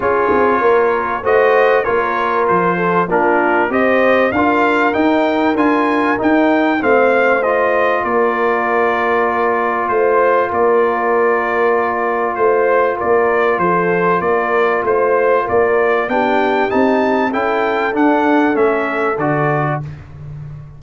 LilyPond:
<<
  \new Staff \with { instrumentName = "trumpet" } { \time 4/4 \tempo 4 = 97 cis''2 dis''4 cis''4 | c''4 ais'4 dis''4 f''4 | g''4 gis''4 g''4 f''4 | dis''4 d''2. |
c''4 d''2. | c''4 d''4 c''4 d''4 | c''4 d''4 g''4 a''4 | g''4 fis''4 e''4 d''4 | }
  \new Staff \with { instrumentName = "horn" } { \time 4/4 gis'4 ais'4 c''4 ais'4~ | ais'8 a'8 f'4 c''4 ais'4~ | ais'2. c''4~ | c''4 ais'2. |
c''4 ais'2. | c''4 ais'4 a'4 ais'4 | c''4 ais'4 g'2 | a'1 | }
  \new Staff \with { instrumentName = "trombone" } { \time 4/4 f'2 fis'4 f'4~ | f'4 d'4 g'4 f'4 | dis'4 f'4 dis'4 c'4 | f'1~ |
f'1~ | f'1~ | f'2 d'4 dis'4 | e'4 d'4 cis'4 fis'4 | }
  \new Staff \with { instrumentName = "tuba" } { \time 4/4 cis'8 c'8 ais4 a4 ais4 | f4 ais4 c'4 d'4 | dis'4 d'4 dis'4 a4~ | a4 ais2. |
a4 ais2. | a4 ais4 f4 ais4 | a4 ais4 b4 c'4 | cis'4 d'4 a4 d4 | }
>>